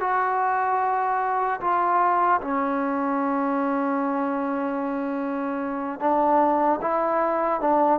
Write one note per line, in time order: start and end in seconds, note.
0.00 1.60 F#4
1.60 2.40 F4
2.41 5.99 C#4
5.99 6.79 D4
6.81 7.60 E4
7.60 7.99 D4